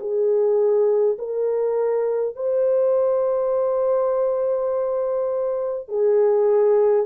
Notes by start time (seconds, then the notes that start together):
0.00 G#4
1.18 A#4
2.35 C5
5.88 G#4